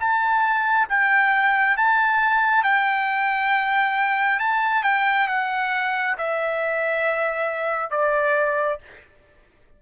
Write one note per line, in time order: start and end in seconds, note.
0.00 0.88 A5
0.89 1.77 G5
1.77 2.64 A5
2.64 4.40 G5
4.40 4.84 A5
4.84 5.28 G5
5.28 6.16 F#5
6.18 7.91 E5
7.91 8.79 D5